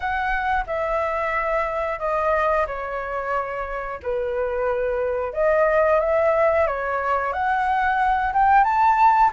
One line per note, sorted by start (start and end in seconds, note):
0.00 0.65 F#5
0.66 1.99 E5
1.99 2.65 D#5
2.66 4.00 C#5
4.02 5.33 B4
5.33 6.00 D#5
6.00 6.66 E5
6.66 7.32 C#5
7.32 8.32 F#5
8.33 8.64 G5
8.64 9.30 A5